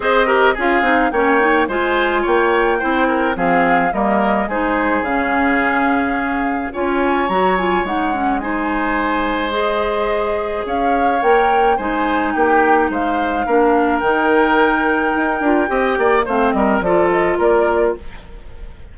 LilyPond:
<<
  \new Staff \with { instrumentName = "flute" } { \time 4/4 \tempo 4 = 107 dis''4 f''4 g''4 gis''4 | g''2 f''4 dis''4 | c''4 f''2. | gis''4 ais''8 gis''8 fis''4 gis''4~ |
gis''4 dis''2 f''4 | g''4 gis''4 g''4 f''4~ | f''4 g''2.~ | g''4 f''8 dis''8 d''8 dis''8 d''4 | }
  \new Staff \with { instrumentName = "oboe" } { \time 4/4 c''8 ais'8 gis'4 cis''4 c''4 | cis''4 c''8 ais'8 gis'4 ais'4 | gis'1 | cis''2. c''4~ |
c''2. cis''4~ | cis''4 c''4 g'4 c''4 | ais'1 | dis''8 d''8 c''8 ais'8 a'4 ais'4 | }
  \new Staff \with { instrumentName = "clarinet" } { \time 4/4 gis'8 g'8 f'8 dis'8 cis'8 dis'8 f'4~ | f'4 e'4 c'4 ais4 | dis'4 cis'2. | f'4 fis'8 f'8 dis'8 cis'8 dis'4~ |
dis'4 gis'2. | ais'4 dis'2. | d'4 dis'2~ dis'8 f'8 | g'4 c'4 f'2 | }
  \new Staff \with { instrumentName = "bassoon" } { \time 4/4 c'4 cis'8 c'8 ais4 gis4 | ais4 c'4 f4 g4 | gis4 cis2. | cis'4 fis4 gis2~ |
gis2. cis'4 | ais4 gis4 ais4 gis4 | ais4 dis2 dis'8 d'8 | c'8 ais8 a8 g8 f4 ais4 | }
>>